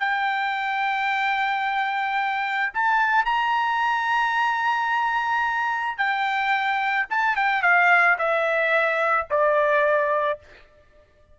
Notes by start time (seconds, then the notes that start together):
0.00 G5
2.74 A5
3.26 A#5
5.98 G5
7.11 A5
7.37 G5
7.63 F5
8.19 E5
9.31 D5